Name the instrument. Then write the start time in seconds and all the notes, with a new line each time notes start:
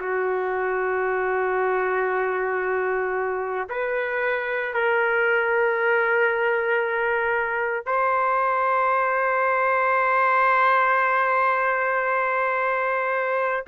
trumpet
0.00 F#4
3.69 B4
4.74 A#4
7.86 C5